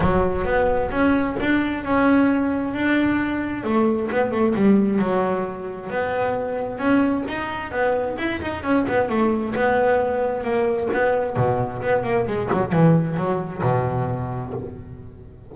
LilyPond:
\new Staff \with { instrumentName = "double bass" } { \time 4/4 \tempo 4 = 132 fis4 b4 cis'4 d'4 | cis'2 d'2 | a4 b8 a8 g4 fis4~ | fis4 b2 cis'4 |
dis'4 b4 e'8 dis'8 cis'8 b8 | a4 b2 ais4 | b4 b,4 b8 ais8 gis8 fis8 | e4 fis4 b,2 | }